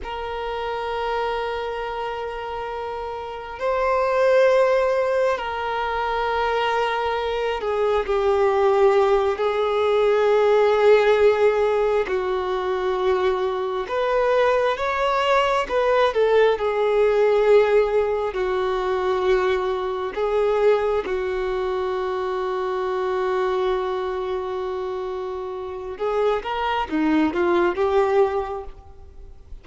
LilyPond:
\new Staff \with { instrumentName = "violin" } { \time 4/4 \tempo 4 = 67 ais'1 | c''2 ais'2~ | ais'8 gis'8 g'4. gis'4.~ | gis'4. fis'2 b'8~ |
b'8 cis''4 b'8 a'8 gis'4.~ | gis'8 fis'2 gis'4 fis'8~ | fis'1~ | fis'4 gis'8 ais'8 dis'8 f'8 g'4 | }